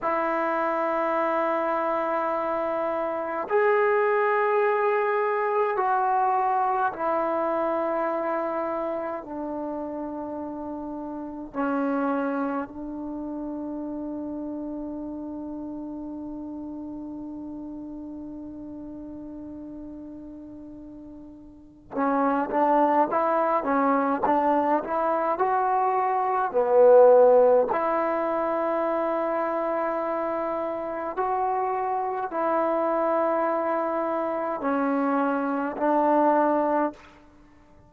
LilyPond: \new Staff \with { instrumentName = "trombone" } { \time 4/4 \tempo 4 = 52 e'2. gis'4~ | gis'4 fis'4 e'2 | d'2 cis'4 d'4~ | d'1~ |
d'2. cis'8 d'8 | e'8 cis'8 d'8 e'8 fis'4 b4 | e'2. fis'4 | e'2 cis'4 d'4 | }